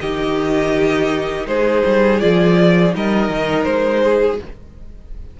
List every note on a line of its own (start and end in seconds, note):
0.00 1.46 D#3
0.00 2.19 D#4
0.00 1.47 G4
0.00 1.46 D#5
1.46 1.82 G#3
1.46 2.94 G#4
1.46 2.20 C5
1.86 2.22 G3
2.19 2.94 F3
2.19 2.90 F4
2.19 2.93 D5
2.90 3.28 G3
2.90 4.36 D#4
2.90 4.03 A#4
2.96 3.64 D#5
3.28 3.65 D#3
3.64 4.39 G#3
3.64 4.37 C5
4.03 4.40 G#4